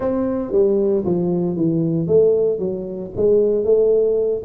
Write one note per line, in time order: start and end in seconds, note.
0.00 0.52 C4
0.52 1.04 G3
1.04 1.56 F3
1.56 2.07 E3
2.07 2.58 A3
2.58 3.10 F#3
3.16 3.64 G#3
3.64 4.42 A3